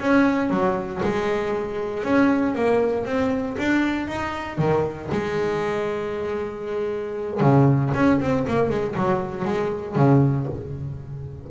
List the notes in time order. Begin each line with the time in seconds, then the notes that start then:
0.00 C#4
0.50 F#3
1.03 G#3
2.04 C#4
2.55 A#3
3.05 C4
3.59 D4
4.08 D#4
4.59 D#3
5.12 G#3
7.41 C#3
7.95 C#4
8.21 C4
8.48 A#3
8.70 G#3
8.96 F#3
9.45 G#3
9.96 C#3